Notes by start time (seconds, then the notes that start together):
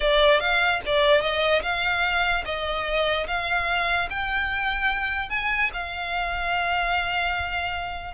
0.00 D5
0.40 F5
0.86 D5
1.21 D#5
1.62 F5
2.45 D#5
3.27 F5
4.09 G5
5.29 G#5
5.73 F5